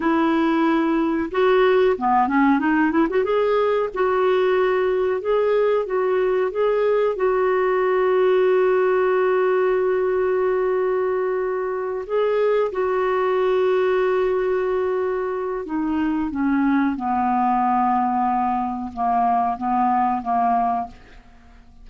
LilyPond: \new Staff \with { instrumentName = "clarinet" } { \time 4/4 \tempo 4 = 92 e'2 fis'4 b8 cis'8 | dis'8 e'16 fis'16 gis'4 fis'2 | gis'4 fis'4 gis'4 fis'4~ | fis'1~ |
fis'2~ fis'8 gis'4 fis'8~ | fis'1 | dis'4 cis'4 b2~ | b4 ais4 b4 ais4 | }